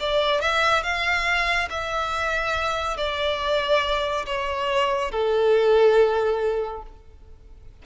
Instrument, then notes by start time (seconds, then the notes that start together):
violin
0.00 D5
0.41 E5
0.83 F5
1.70 E5
2.97 D5
4.26 C#5
5.12 A4